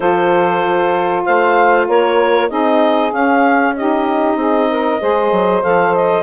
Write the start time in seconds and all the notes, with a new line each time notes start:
0.00 F3 F4 A4 C5
1.25 A3 C5 F5
1.86 A#3 A#4 C#5
2.48 C4 D#4 G#4 D#5
3.12 C#4 F5
3.76 D#4 G4 D#5
4.35 C4 G#4
4.69 A#4
4.99 G#3 G#4 C5
5.31 F#3
5.61 F3 A4 F5
5.94 D#5